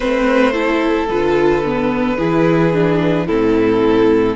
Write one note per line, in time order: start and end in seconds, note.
0.00 1.09 A3
0.00 0.53 C4
0.00 0.53 B4
0.00 1.06 C5
0.53 1.07 E4
0.53 2.16 A4
1.09 2.18 D3
1.09 1.64 F4
1.09 3.26 B4
1.65 2.18 B3
2.18 3.27 E3
2.18 2.72 E4
2.18 3.26 G#4
2.72 3.27 D4
3.26 4.35 A2
3.26 4.35 C4
3.26 4.35 E4
3.26 4.35 A4